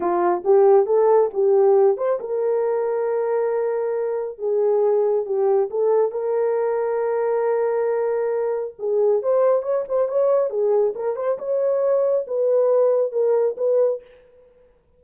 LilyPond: \new Staff \with { instrumentName = "horn" } { \time 4/4 \tempo 4 = 137 f'4 g'4 a'4 g'4~ | g'8 c''8 ais'2.~ | ais'2 gis'2 | g'4 a'4 ais'2~ |
ais'1 | gis'4 c''4 cis''8 c''8 cis''4 | gis'4 ais'8 c''8 cis''2 | b'2 ais'4 b'4 | }